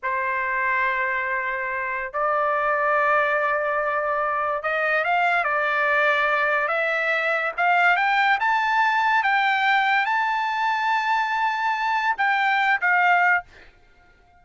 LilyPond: \new Staff \with { instrumentName = "trumpet" } { \time 4/4 \tempo 4 = 143 c''1~ | c''4 d''2.~ | d''2. dis''4 | f''4 d''2. |
e''2 f''4 g''4 | a''2 g''2 | a''1~ | a''4 g''4. f''4. | }